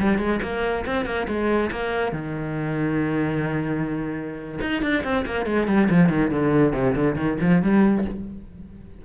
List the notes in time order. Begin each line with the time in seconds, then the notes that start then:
0.00 G3
0.19 G#3
0.42 A#3
0.86 C4
1.06 A#3
1.28 G#3
1.72 A#3
2.13 D#3
4.61 D#4
4.83 D4
5.04 C4
5.26 A#3
5.46 G#3
5.68 G3
5.90 F3
6.10 D#3
6.31 D3
6.73 C3
6.96 D3
7.16 D#3
7.41 F3
7.62 G3